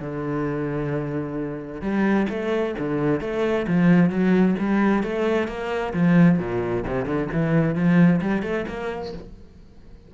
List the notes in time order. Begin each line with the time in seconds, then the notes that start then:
0.00 D3
1.81 G3
2.29 A3
2.78 D3
3.20 A3
3.67 F3
4.09 F#3
4.59 G3
5.03 A3
5.47 A#3
5.93 F3
6.38 A#2
6.86 C3
7.05 D3
7.32 E3
7.75 F3
8.21 G3
8.42 A3
8.67 A#3